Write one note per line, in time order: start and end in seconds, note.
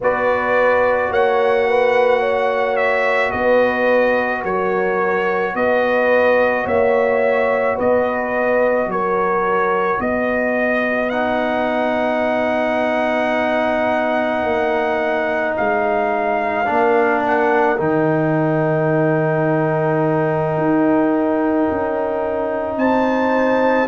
0.00 1.09 B3
0.00 11.11 F#4
0.00 1.10 B4
0.00 1.12 D5
1.09 3.32 A#3
1.09 1.66 C#5
1.09 2.76 F#5
1.68 2.20 B4
2.20 3.31 C#5
2.76 3.31 E5
3.31 4.44 B3
3.31 4.42 B4
3.31 4.42 D#5
4.43 5.54 F#3
4.43 5.54 A#4
4.43 5.55 C#5
5.54 6.65 B3
5.54 6.64 B4
5.54 6.66 D#5
6.64 7.77 A#3
6.64 7.75 C#5
6.64 7.78 E5
7.75 8.86 B3
7.75 8.86 B4
7.75 8.90 D#5
8.86 9.97 F#3
8.86 10.01 A#4
8.86 10.00 C#5
9.99 14.43 B3
9.99 16.68 B4
9.99 11.09 D#5
11.09 16.65 D#4
11.09 15.53 F#5
14.43 15.54 A#3
15.56 16.68 G#3
15.56 17.23 F5
16.65 17.79 A#3
16.65 17.76 D4
16.65 22.78 A#4
17.26 17.79 F#5
17.76 20.56 D#3
17.76 23.87 D#4
17.76 22.78 G5
20.56 21.67 D#4
21.70 22.76 C#4
22.76 23.87 C4
22.76 23.88 C5
22.76 23.88 A5